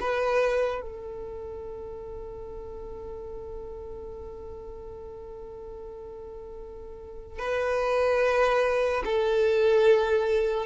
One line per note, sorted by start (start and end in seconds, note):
0.00 0.81 B4
0.81 7.39 A4
7.39 9.03 B4
9.04 10.66 A4